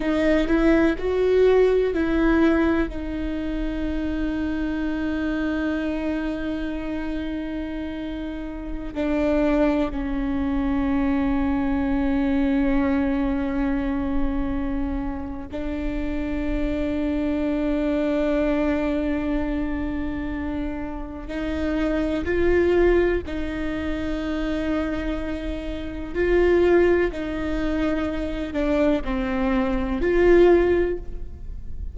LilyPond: \new Staff \with { instrumentName = "viola" } { \time 4/4 \tempo 4 = 62 dis'8 e'8 fis'4 e'4 dis'4~ | dis'1~ | dis'4~ dis'16 d'4 cis'4.~ cis'16~ | cis'1 |
d'1~ | d'2 dis'4 f'4 | dis'2. f'4 | dis'4. d'8 c'4 f'4 | }